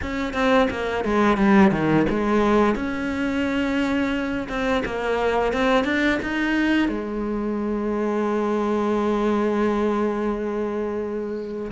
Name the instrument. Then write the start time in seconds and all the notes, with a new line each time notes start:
cello
0.02 C#4
0.33 C4
0.70 A#3
1.04 G#3
1.37 G3
1.71 D#3
2.09 G#3
2.75 C#4
4.48 C4
4.85 A#3
5.52 C4
5.84 D4
6.22 D#4
6.88 G#3